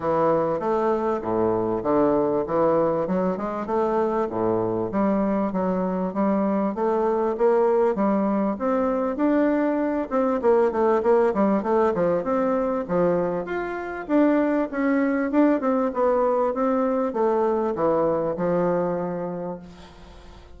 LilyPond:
\new Staff \with { instrumentName = "bassoon" } { \time 4/4 \tempo 4 = 98 e4 a4 a,4 d4 | e4 fis8 gis8 a4 a,4 | g4 fis4 g4 a4 | ais4 g4 c'4 d'4~ |
d'8 c'8 ais8 a8 ais8 g8 a8 f8 | c'4 f4 f'4 d'4 | cis'4 d'8 c'8 b4 c'4 | a4 e4 f2 | }